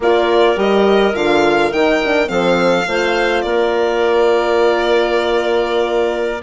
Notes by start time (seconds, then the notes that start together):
0.00 A#3 F4 A#4 D5
0.56 G3 G4 D#5
1.14 D3 F4 F5
1.71 D#3 D#4 G5
2.04 D4
2.26 F3 C4 A4 F5
2.84 A3 F4 C5
3.41 A#3 A#4 D5